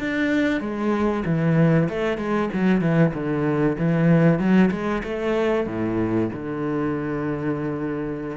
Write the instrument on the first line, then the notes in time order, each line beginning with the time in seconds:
cello
0.00 D4
0.61 G#3
1.26 E3
1.89 A3
2.18 G#3
2.54 F#3
2.82 E3
3.14 D3
3.79 E3
4.39 F#3
4.71 G#3
5.04 A3
5.67 A2
6.34 D3